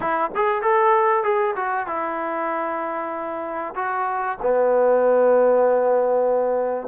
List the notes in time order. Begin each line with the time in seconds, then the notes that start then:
0.00 E4
0.35 G#4
0.62 A4
1.23 G#4
1.56 F#4
1.87 E4
3.75 F#4
4.42 B3